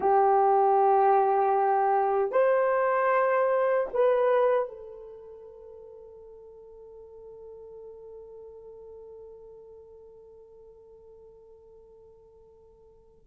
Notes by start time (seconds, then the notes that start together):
0.00 G4
2.31 C5
3.93 B4
4.68 A4